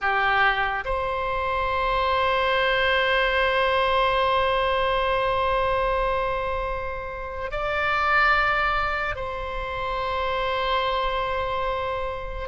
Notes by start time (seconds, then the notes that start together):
0.01 G4
0.84 C5
7.51 D5
9.15 C5